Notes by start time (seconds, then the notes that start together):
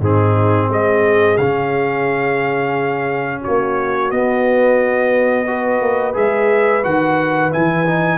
0.00 G#2 C4 D#4 G#4
0.69 G#3 G#4 D#5
1.37 C#3 C#4 F5
3.41 F#4 C#5
3.48 A#3
4.11 B3 D#5
5.47 F#4 B4
5.81 A#3
6.14 G#3 G#4 E5
6.83 D#3 F#4 F#5
7.51 E3 E4 G#5
7.86 D#4